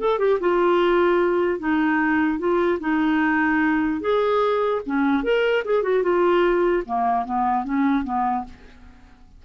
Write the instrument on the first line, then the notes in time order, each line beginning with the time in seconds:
clarinet
0.00 A4
0.19 G4
0.40 F4
1.60 D#4
2.39 F4
2.80 D#4
4.01 G#4
4.86 C#4
5.23 A#4
5.65 G#4
5.83 F#4
6.03 F4
6.86 A#3
7.26 B3
7.65 C#4
8.04 B3